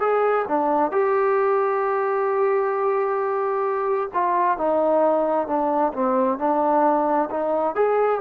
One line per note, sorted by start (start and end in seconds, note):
0.00 0.45 G#4
0.48 0.91 D4
0.91 4.10 G4
4.13 4.57 F4
4.57 5.47 D#4
5.47 5.93 D4
5.93 6.38 C4
6.38 7.29 D4
7.30 7.75 D#4
7.75 8.20 G#4